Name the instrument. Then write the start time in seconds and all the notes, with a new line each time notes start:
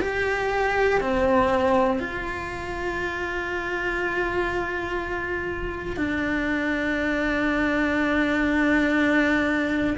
cello
0.00 G4
1.00 C4
1.99 F4
5.96 D4